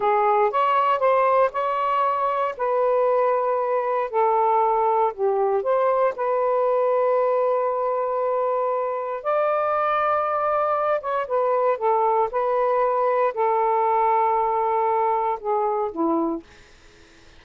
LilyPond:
\new Staff \with { instrumentName = "saxophone" } { \time 4/4 \tempo 4 = 117 gis'4 cis''4 c''4 cis''4~ | cis''4 b'2. | a'2 g'4 c''4 | b'1~ |
b'2 d''2~ | d''4. cis''8 b'4 a'4 | b'2 a'2~ | a'2 gis'4 e'4 | }